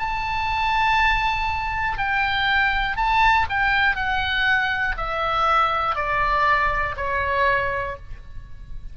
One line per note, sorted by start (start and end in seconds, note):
0.00 1.98 A5
1.98 2.97 G5
2.97 3.47 A5
3.50 3.96 G5
3.96 4.96 F#5
4.97 5.96 E5
5.96 6.96 D5
6.97 7.97 C#5